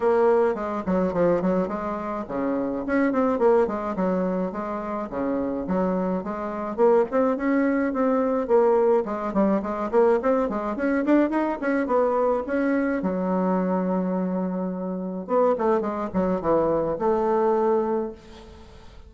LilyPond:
\new Staff \with { instrumentName = "bassoon" } { \time 4/4 \tempo 4 = 106 ais4 gis8 fis8 f8 fis8 gis4 | cis4 cis'8 c'8 ais8 gis8 fis4 | gis4 cis4 fis4 gis4 | ais8 c'8 cis'4 c'4 ais4 |
gis8 g8 gis8 ais8 c'8 gis8 cis'8 d'8 | dis'8 cis'8 b4 cis'4 fis4~ | fis2. b8 a8 | gis8 fis8 e4 a2 | }